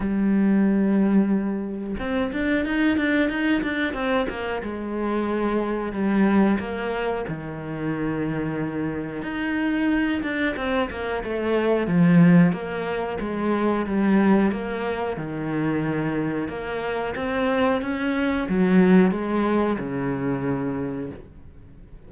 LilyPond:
\new Staff \with { instrumentName = "cello" } { \time 4/4 \tempo 4 = 91 g2. c'8 d'8 | dis'8 d'8 dis'8 d'8 c'8 ais8 gis4~ | gis4 g4 ais4 dis4~ | dis2 dis'4. d'8 |
c'8 ais8 a4 f4 ais4 | gis4 g4 ais4 dis4~ | dis4 ais4 c'4 cis'4 | fis4 gis4 cis2 | }